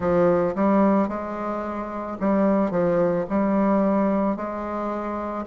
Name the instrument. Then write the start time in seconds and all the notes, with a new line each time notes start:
bassoon
0.00 F3
0.55 G3
1.08 G#3
2.20 G3
2.70 F3
3.29 G3
4.36 G#3